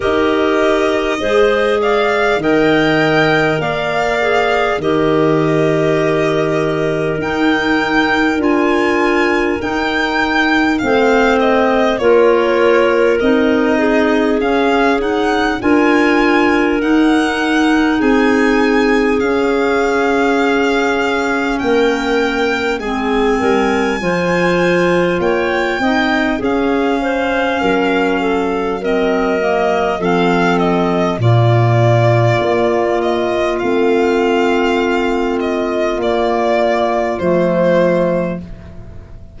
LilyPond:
<<
  \new Staff \with { instrumentName = "violin" } { \time 4/4 \tempo 4 = 50 dis''4. f''8 g''4 f''4 | dis''2 g''4 gis''4 | g''4 f''8 dis''8 cis''4 dis''4 | f''8 fis''8 gis''4 fis''4 gis''4 |
f''2 g''4 gis''4~ | gis''4 g''4 f''2 | dis''4 f''8 dis''8 d''4. dis''8 | f''4. dis''8 d''4 c''4 | }
  \new Staff \with { instrumentName = "clarinet" } { \time 4/4 ais'4 c''8 d''8 dis''4 d''4 | ais'1~ | ais'4 c''4 ais'4. gis'8~ | gis'4 ais'2 gis'4~ |
gis'2 ais'4 gis'8 ais'8 | c''4 cis''8 dis''8 gis'8 c''8 ais'8 a'8 | ais'4 a'4 f'2~ | f'1 | }
  \new Staff \with { instrumentName = "clarinet" } { \time 4/4 g'4 gis'4 ais'4. gis'8 | g'2 dis'4 f'4 | dis'4 c'4 f'4 dis'4 | cis'8 dis'8 f'4 dis'2 |
cis'2. c'4 | f'4. dis'8 cis'2 | c'8 ais8 c'4 ais2 | c'2 ais4 a4 | }
  \new Staff \with { instrumentName = "tuba" } { \time 4/4 dis'4 gis4 dis4 ais4 | dis2 dis'4 d'4 | dis'4 a4 ais4 c'4 | cis'4 d'4 dis'4 c'4 |
cis'2 ais4 gis8 g8 | f4 ais8 c'8 cis'4 fis4~ | fis4 f4 ais,4 ais4 | a2 ais4 f4 | }
>>